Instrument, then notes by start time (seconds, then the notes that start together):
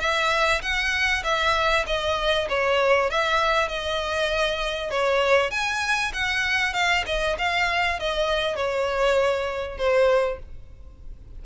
violin
0.00 E5
0.62 F#5
1.24 E5
1.86 D#5
2.49 C#5
3.10 E5
3.68 D#5
4.90 C#5
5.50 G#5
6.13 F#5
6.73 F5
7.06 D#5
7.38 F5
7.99 D#5
8.56 C#5
9.78 C5